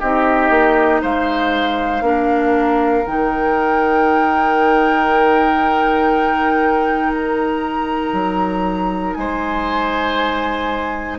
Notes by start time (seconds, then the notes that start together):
0.00 C4 D#4 G4 D#5
0.50 A#3
1.01 G#3 C5 F5
2.01 A#3 D4 A#4
3.06 D#3 D#4 G5
7.14 A#5
8.13 F#3
9.13 G#3 C5 G#5